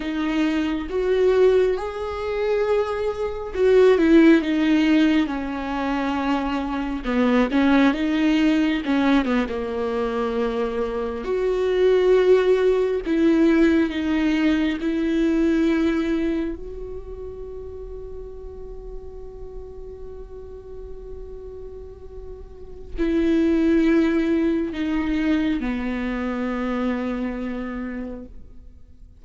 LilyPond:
\new Staff \with { instrumentName = "viola" } { \time 4/4 \tempo 4 = 68 dis'4 fis'4 gis'2 | fis'8 e'8 dis'4 cis'2 | b8 cis'8 dis'4 cis'8 b16 ais4~ ais16~ | ais8. fis'2 e'4 dis'16~ |
dis'8. e'2 fis'4~ fis'16~ | fis'1~ | fis'2 e'2 | dis'4 b2. | }